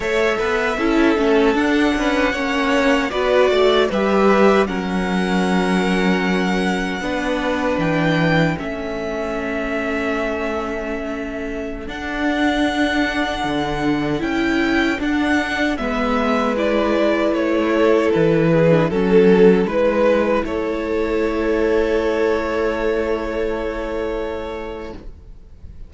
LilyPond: <<
  \new Staff \with { instrumentName = "violin" } { \time 4/4 \tempo 4 = 77 e''2 fis''2 | d''4 e''4 fis''2~ | fis''2 g''4 e''4~ | e''2.~ e''16 fis''8.~ |
fis''2~ fis''16 g''4 fis''8.~ | fis''16 e''4 d''4 cis''4 b'8.~ | b'16 a'4 b'4 cis''4.~ cis''16~ | cis''1 | }
  \new Staff \with { instrumentName = "violin" } { \time 4/4 cis''8 b'8 a'4. b'8 cis''4 | b'8 d''8 b'4 ais'2~ | ais'4 b'2 a'4~ | a'1~ |
a'1~ | a'16 b'2~ b'8 a'4 gis'16~ | gis'16 a'4 b'4 a'4.~ a'16~ | a'1 | }
  \new Staff \with { instrumentName = "viola" } { \time 4/4 a'4 e'8 cis'8 d'4 cis'4 | fis'4 g'4 cis'2~ | cis'4 d'2 cis'4~ | cis'2.~ cis'16 d'8.~ |
d'2~ d'16 e'4 d'8.~ | d'16 b4 e'2~ e'8. | d'16 cis'4 e'2~ e'8.~ | e'1 | }
  \new Staff \with { instrumentName = "cello" } { \time 4/4 a8 b8 cis'8 a8 d'8 cis'8 ais4 | b8 a8 g4 fis2~ | fis4 b4 e4 a4~ | a2.~ a16 d'8.~ |
d'4~ d'16 d4 cis'4 d'8.~ | d'16 gis2 a4 e8.~ | e16 fis4 gis4 a4.~ a16~ | a1 | }
>>